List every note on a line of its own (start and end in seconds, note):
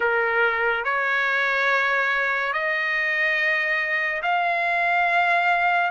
0.00 0.84 A#4
0.84 2.53 C#5
2.53 4.22 D#5
4.22 5.90 F5